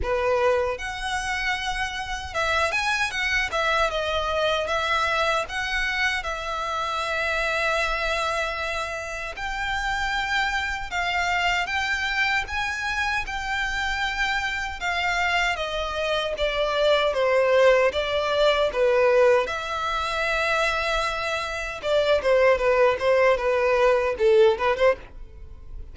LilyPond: \new Staff \with { instrumentName = "violin" } { \time 4/4 \tempo 4 = 77 b'4 fis''2 e''8 gis''8 | fis''8 e''8 dis''4 e''4 fis''4 | e''1 | g''2 f''4 g''4 |
gis''4 g''2 f''4 | dis''4 d''4 c''4 d''4 | b'4 e''2. | d''8 c''8 b'8 c''8 b'4 a'8 b'16 c''16 | }